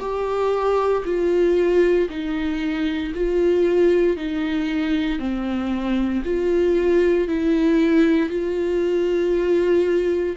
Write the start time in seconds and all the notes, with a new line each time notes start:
0.00 G4
1.05 F4
2.09 D#4
3.15 F4
4.17 D#4
5.19 C4
6.24 F4
7.27 E4
8.29 F4